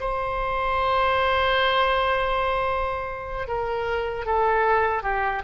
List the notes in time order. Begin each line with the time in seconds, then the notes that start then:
0.00 C5
3.47 A#4
4.26 A4
5.03 G4